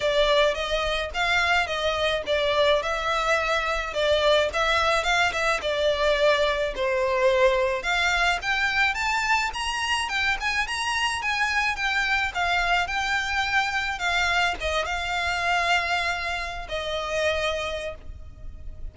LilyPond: \new Staff \with { instrumentName = "violin" } { \time 4/4 \tempo 4 = 107 d''4 dis''4 f''4 dis''4 | d''4 e''2 d''4 | e''4 f''8 e''8 d''2 | c''2 f''4 g''4 |
a''4 ais''4 g''8 gis''8 ais''4 | gis''4 g''4 f''4 g''4~ | g''4 f''4 dis''8 f''4.~ | f''4.~ f''16 dis''2~ dis''16 | }